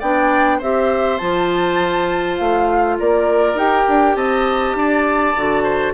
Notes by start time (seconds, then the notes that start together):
0.00 B3 D4 D5 G5
0.58 C4 G4 C5 E5
1.19 F3 F4 A5
2.38 A3 F5
3.00 A#3 A#4 D5
3.55 D#4 G4 G5
3.88 D4
4.16 C4 D#5 A5
4.75 D4 D5
5.36 D3 F#4
5.64 C5